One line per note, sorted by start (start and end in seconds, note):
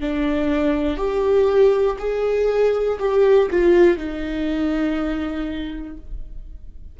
0.00 0.96 D4
0.96 1.96 G4
1.98 2.98 G#4
2.99 3.49 G4
3.50 3.97 F4
3.97 5.97 D#4